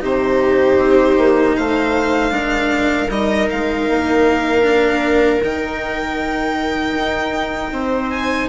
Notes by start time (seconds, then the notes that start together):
0.00 C3 D#4 G4 C5
0.78 C4
1.18 A#3
1.56 A3 C5 F5
2.30 G#3 D4 A#4
3.09 G3 D#4 D#5
3.50 G#3 F5
3.89 A#3
4.63 D4
5.43 D#3 D#4 G5
6.96 D#4
7.72 C4 C5
8.10 G#5